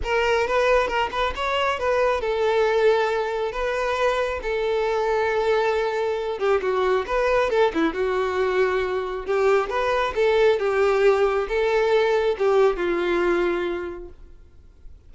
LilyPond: \new Staff \with { instrumentName = "violin" } { \time 4/4 \tempo 4 = 136 ais'4 b'4 ais'8 b'8 cis''4 | b'4 a'2. | b'2 a'2~ | a'2~ a'8 g'8 fis'4 |
b'4 a'8 e'8 fis'2~ | fis'4 g'4 b'4 a'4 | g'2 a'2 | g'4 f'2. | }